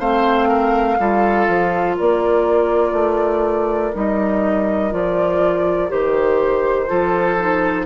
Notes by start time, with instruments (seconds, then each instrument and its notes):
0.00 bassoon A3, clarinet C4, oboe C5, flute F5
0.49 oboe A#4
0.99 bassoon G3, clarinet F4, oboe A4
1.48 bassoon F3
1.97 bassoon A#3, oboe A#4, flute D5
2.93 bassoon A3
3.93 bassoon G3, clarinet D#4, flute D#5
4.91 bassoon F3, clarinet F4, flute D5
5.89 bassoon D#3, clarinet G4, flute C5
6.87 bassoon F3, clarinet F4, oboe A4
7.39 clarinet D#4